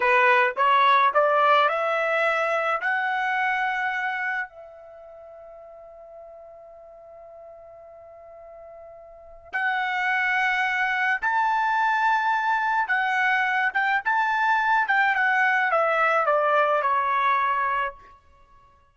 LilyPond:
\new Staff \with { instrumentName = "trumpet" } { \time 4/4 \tempo 4 = 107 b'4 cis''4 d''4 e''4~ | e''4 fis''2. | e''1~ | e''1~ |
e''4 fis''2. | a''2. fis''4~ | fis''8 g''8 a''4. g''8 fis''4 | e''4 d''4 cis''2 | }